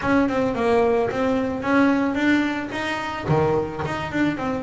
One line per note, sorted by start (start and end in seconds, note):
0.01 0.28 C#4
0.29 0.55 C4
0.55 1.10 A#3
1.10 1.62 C4
1.62 2.14 C#4
2.14 2.69 D4
2.71 3.26 D#4
3.28 3.83 D#3
3.85 4.12 D#4
4.12 4.37 D4
4.37 4.63 C4